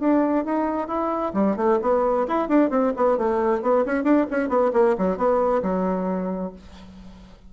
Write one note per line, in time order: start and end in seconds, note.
0.00 0.45 D4
0.45 0.88 D#4
0.88 1.33 E4
1.34 1.56 G3
1.57 1.79 A3
1.82 2.27 B3
2.28 2.49 E4
2.49 2.70 D4
2.70 2.93 C4
2.96 3.18 B3
3.18 3.62 A3
3.62 3.85 B3
3.86 4.04 C#4
4.04 4.26 D4
4.31 4.49 C#4
4.49 4.71 B3
4.73 4.96 A#3
4.98 5.17 F#3
5.17 5.62 B3
5.63 6.53 F#3